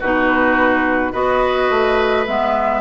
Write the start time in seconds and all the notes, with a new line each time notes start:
0.00 B2 D#4 F#4 B4
1.12 B3 F#4 B4 D#5
1.70 A3
2.27 G#3 B3 E5